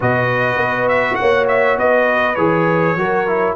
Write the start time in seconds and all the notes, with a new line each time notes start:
0.00 B2 F#4 B4 D#5
0.56 B3
0.88 E5
1.15 A#3 C#5 F#5
1.48 E5
1.77 B3 B4 D#5
2.35 E3 G#4 C#5
2.95 F#3 F#4 A#4
3.27 E4